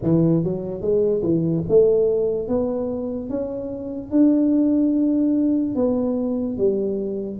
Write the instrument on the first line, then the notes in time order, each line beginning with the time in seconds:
tuba
0.02 E3
0.43 F#3
0.81 G#3
1.22 E3
1.68 A3
2.48 B3
3.29 C#4
4.10 D4
5.75 B3
6.57 G3